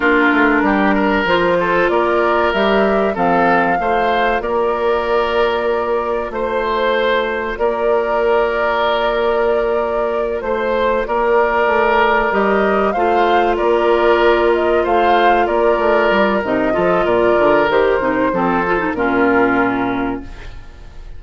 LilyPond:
<<
  \new Staff \with { instrumentName = "flute" } { \time 4/4 \tempo 4 = 95 ais'2 c''4 d''4 | e''4 f''2 d''4~ | d''2 c''2 | d''1~ |
d''8 c''4 d''2 dis''8~ | dis''8 f''4 d''4. dis''8 f''8~ | f''8 d''4. dis''4 d''4 | c''2 ais'2 | }
  \new Staff \with { instrumentName = "oboe" } { \time 4/4 f'4 g'8 ais'4 a'8 ais'4~ | ais'4 a'4 c''4 ais'4~ | ais'2 c''2 | ais'1~ |
ais'8 c''4 ais'2~ ais'8~ | ais'8 c''4 ais'2 c''8~ | c''8 ais'2 a'8 ais'4~ | ais'4 a'4 f'2 | }
  \new Staff \with { instrumentName = "clarinet" } { \time 4/4 d'2 f'2 | g'4 c'4 f'2~ | f'1~ | f'1~ |
f'2.~ f'8 g'8~ | g'8 f'2.~ f'8~ | f'2 dis'8 f'4. | g'8 dis'8 c'8 f'16 dis'16 cis'2 | }
  \new Staff \with { instrumentName = "bassoon" } { \time 4/4 ais8 a8 g4 f4 ais4 | g4 f4 a4 ais4~ | ais2 a2 | ais1~ |
ais8 a4 ais4 a4 g8~ | g8 a4 ais2 a8~ | a8 ais8 a8 g8 c8 f8 ais,8 d8 | dis8 c8 f4 ais,2 | }
>>